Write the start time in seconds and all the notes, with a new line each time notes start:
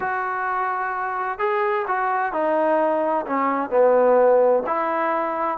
0.00 F#4
1.38 G#4
1.87 F#4
2.32 D#4
3.26 C#4
3.70 B3
4.66 E4